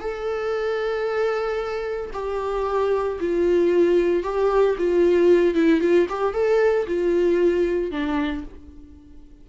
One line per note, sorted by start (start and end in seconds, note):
0.00 2.11 A4
2.13 3.18 G4
3.20 4.23 F4
4.23 4.76 G4
4.78 5.54 F4
5.54 5.80 E4
5.80 6.07 F4
6.09 6.33 G4
6.33 6.86 A4
6.87 7.91 F4
7.91 8.44 D4